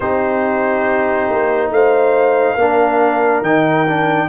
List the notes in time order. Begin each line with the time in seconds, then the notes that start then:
0.00 C4 D#4 G4 C5
1.29 A#3
1.70 A3 C5 F5
2.54 A#3 D4 A#4
3.41 D#3 D#4 G5
3.86 D4